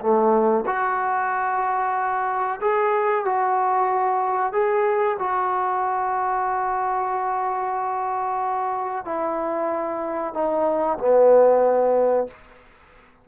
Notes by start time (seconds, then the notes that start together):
0.00 A3
0.66 F#4
2.60 G#4
3.24 F#4
4.52 G#4
5.19 F#4
9.05 E4
10.33 D#4
10.98 B3